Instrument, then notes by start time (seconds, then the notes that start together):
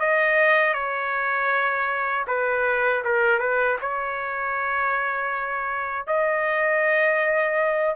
trumpet
0.00 D#5
0.74 C#5
2.28 B4
3.05 A#4
3.40 B4
3.82 C#5
6.07 D#5